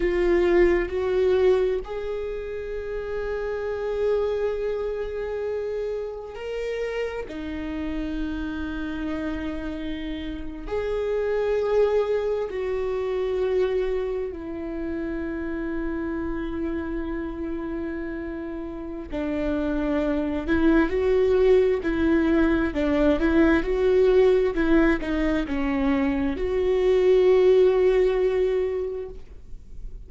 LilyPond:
\new Staff \with { instrumentName = "viola" } { \time 4/4 \tempo 4 = 66 f'4 fis'4 gis'2~ | gis'2. ais'4 | dis'2.~ dis'8. gis'16~ | gis'4.~ gis'16 fis'2 e'16~ |
e'1~ | e'4 d'4. e'8 fis'4 | e'4 d'8 e'8 fis'4 e'8 dis'8 | cis'4 fis'2. | }